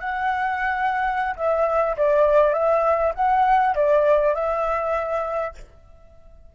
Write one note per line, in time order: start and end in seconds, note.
0.00 1.35 F#5
1.36 1.96 E5
1.97 2.53 D5
2.53 3.13 E5
3.15 3.75 F#5
3.75 4.34 D5
4.34 5.54 E5